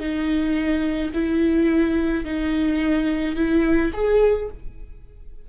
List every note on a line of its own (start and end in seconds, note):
0.00 1.11 D#4
1.14 2.25 E4
2.25 3.36 D#4
3.36 3.92 E4
3.94 4.49 G#4